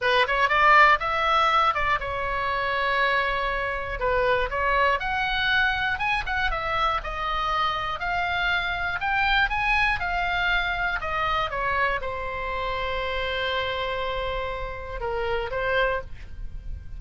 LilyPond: \new Staff \with { instrumentName = "oboe" } { \time 4/4 \tempo 4 = 120 b'8 cis''8 d''4 e''4. d''8 | cis''1 | b'4 cis''4 fis''2 | gis''8 fis''8 e''4 dis''2 |
f''2 g''4 gis''4 | f''2 dis''4 cis''4 | c''1~ | c''2 ais'4 c''4 | }